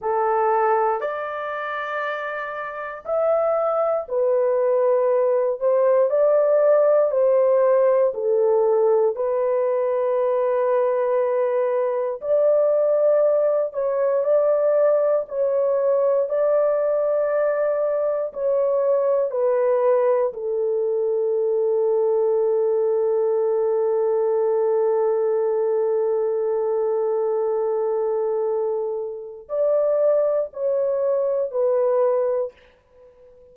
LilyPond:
\new Staff \with { instrumentName = "horn" } { \time 4/4 \tempo 4 = 59 a'4 d''2 e''4 | b'4. c''8 d''4 c''4 | a'4 b'2. | d''4. cis''8 d''4 cis''4 |
d''2 cis''4 b'4 | a'1~ | a'1~ | a'4 d''4 cis''4 b'4 | }